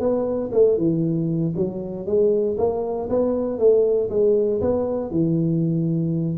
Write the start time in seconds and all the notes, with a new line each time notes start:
0.00 B3
0.52 A3
0.78 E3
1.56 F#3
2.06 G#3
2.58 A#3
3.09 B3
3.59 A3
4.10 G#3
4.61 B3
5.11 E3